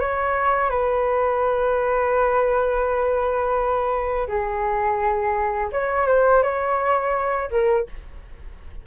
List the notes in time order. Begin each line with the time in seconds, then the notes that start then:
0.00 C#5
0.70 B4
4.27 G#4
5.72 C#5
6.07 C5
6.43 C#5
7.50 A#4